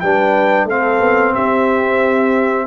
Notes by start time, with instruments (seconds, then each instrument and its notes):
0.00 tuba G3, trombone D4, horn B4, trumpet G5
0.65 tuba A3, trombone C4, horn A4, trumpet F5
1.00 tuba B3
1.34 tuba C4, horn G4, trumpet E5